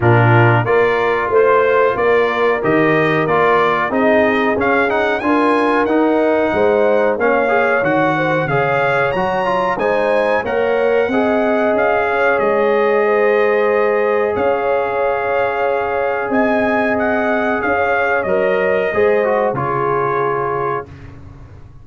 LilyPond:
<<
  \new Staff \with { instrumentName = "trumpet" } { \time 4/4 \tempo 4 = 92 ais'4 d''4 c''4 d''4 | dis''4 d''4 dis''4 f''8 fis''8 | gis''4 fis''2 f''4 | fis''4 f''4 ais''4 gis''4 |
fis''2 f''4 dis''4~ | dis''2 f''2~ | f''4 gis''4 fis''4 f''4 | dis''2 cis''2 | }
  \new Staff \with { instrumentName = "horn" } { \time 4/4 f'4 ais'4 c''4 ais'4~ | ais'2 gis'2 | ais'2 c''4 cis''4~ | cis''8 c''8 cis''2 c''4 |
cis''4 dis''4. cis''4. | c''2 cis''2~ | cis''4 dis''2 cis''4~ | cis''4 c''4 gis'2 | }
  \new Staff \with { instrumentName = "trombone" } { \time 4/4 d'4 f'2. | g'4 f'4 dis'4 cis'8 dis'8 | f'4 dis'2 cis'8 gis'8 | fis'4 gis'4 fis'8 f'8 dis'4 |
ais'4 gis'2.~ | gis'1~ | gis'1 | ais'4 gis'8 fis'8 f'2 | }
  \new Staff \with { instrumentName = "tuba" } { \time 4/4 ais,4 ais4 a4 ais4 | dis4 ais4 c'4 cis'4 | d'4 dis'4 gis4 ais4 | dis4 cis4 fis4 gis4 |
ais4 c'4 cis'4 gis4~ | gis2 cis'2~ | cis'4 c'2 cis'4 | fis4 gis4 cis2 | }
>>